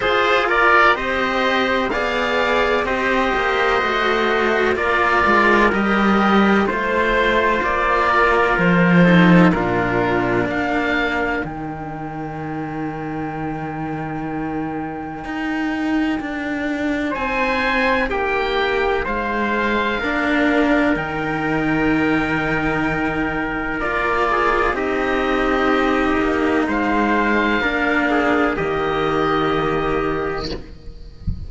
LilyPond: <<
  \new Staff \with { instrumentName = "oboe" } { \time 4/4 \tempo 4 = 63 c''8 d''8 dis''4 f''4 dis''4~ | dis''4 d''4 dis''4 c''4 | d''4 c''4 ais'4 f''4 | g''1~ |
g''2 gis''4 g''4 | f''2 g''2~ | g''4 d''4 dis''2 | f''2 dis''2 | }
  \new Staff \with { instrumentName = "trumpet" } { \time 4/4 gis'8 ais'8 c''4 d''4 c''4~ | c''4 ais'2 c''4~ | c''8 ais'4 a'8 f'4 ais'4~ | ais'1~ |
ais'2 c''4 g'4 | c''4 ais'2.~ | ais'4. gis'8 g'2 | c''4 ais'8 gis'8 g'2 | }
  \new Staff \with { instrumentName = "cello" } { \time 4/4 f'4 g'4 gis'4 g'4 | fis'4 f'4 g'4 f'4~ | f'4. dis'8 d'2 | dis'1~ |
dis'1~ | dis'4 d'4 dis'2~ | dis'4 f'4 dis'2~ | dis'4 d'4 ais2 | }
  \new Staff \with { instrumentName = "cello" } { \time 4/4 f'4 c'4 b4 c'8 ais8 | a4 ais8 gis8 g4 a4 | ais4 f4 ais,4 ais4 | dis1 |
dis'4 d'4 c'4 ais4 | gis4 ais4 dis2~ | dis4 ais4 c'4. ais8 | gis4 ais4 dis2 | }
>>